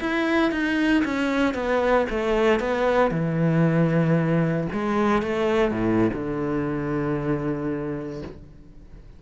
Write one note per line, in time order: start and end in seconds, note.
0.00 0.51 E4
0.51 1.03 D#4
1.05 1.54 C#4
1.54 2.06 B3
2.09 2.60 A3
2.60 3.11 B3
3.11 4.67 E3
4.72 5.22 G#3
5.22 5.71 A3
5.71 6.10 A2
6.14 8.22 D3